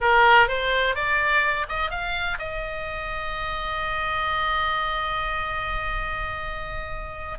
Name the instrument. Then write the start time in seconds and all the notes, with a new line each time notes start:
oboe
0.00 A#4
0.47 C5
0.95 D5
1.68 D#5
1.90 F5
2.38 D#5